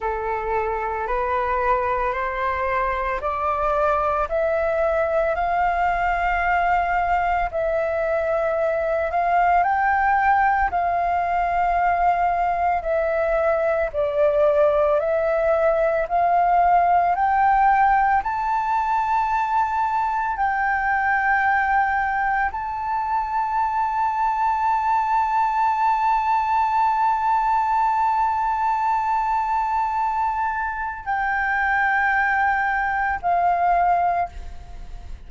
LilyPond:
\new Staff \with { instrumentName = "flute" } { \time 4/4 \tempo 4 = 56 a'4 b'4 c''4 d''4 | e''4 f''2 e''4~ | e''8 f''8 g''4 f''2 | e''4 d''4 e''4 f''4 |
g''4 a''2 g''4~ | g''4 a''2.~ | a''1~ | a''4 g''2 f''4 | }